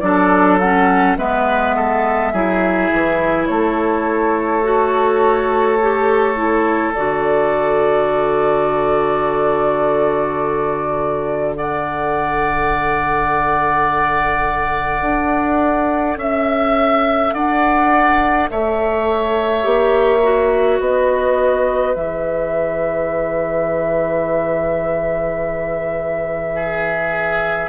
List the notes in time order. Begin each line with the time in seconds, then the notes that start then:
0.00 F#3 D4 A4 D5
0.60 C#4 F#5
1.18 G#3 B3 B4 E5
1.76 A4
2.33 F#3 E4 G#4
2.92 E3
3.47 A3 A4 C#5
4.63 F#4
5.82 G4
6.35 E4
6.94 D3 F#4 D5
11.56 A4 D5 F#5
15.02 D4
16.17 C#4 E5
17.33 D4 D5 F#5
18.50 A3 C#5 E5
19.62 A#3 G4
20.24 F#4
20.80 B3 B4 D#5
21.94 E3 G#4 E5
26.56 G#4